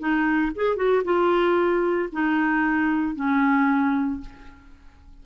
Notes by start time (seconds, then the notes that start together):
0.00 D#4
0.56 G#4
0.77 F#4
1.05 F4
2.13 D#4
3.16 C#4